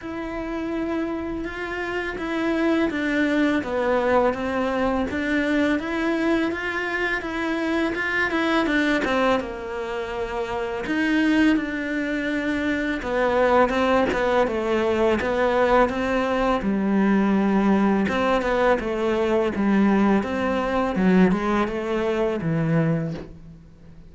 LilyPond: \new Staff \with { instrumentName = "cello" } { \time 4/4 \tempo 4 = 83 e'2 f'4 e'4 | d'4 b4 c'4 d'4 | e'4 f'4 e'4 f'8 e'8 | d'8 c'8 ais2 dis'4 |
d'2 b4 c'8 b8 | a4 b4 c'4 g4~ | g4 c'8 b8 a4 g4 | c'4 fis8 gis8 a4 e4 | }